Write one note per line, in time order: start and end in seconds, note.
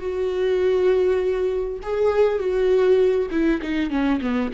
0.00 1.80 F#4
1.83 2.39 G#4
2.39 3.29 F#4
3.31 3.61 E4
3.62 3.91 D#4
3.91 4.21 C#4
4.21 4.51 B3